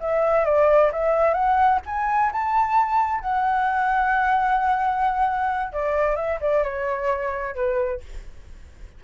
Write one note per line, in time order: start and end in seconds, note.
0.00 0.45 E5
0.45 0.91 D5
0.92 1.33 E5
1.33 1.79 F#5
1.86 2.32 G#5
2.32 3.20 A5
3.20 5.72 F#5
5.72 6.16 D5
6.16 6.39 E5
6.40 6.63 D5
6.63 7.55 C#5
7.55 8.00 B4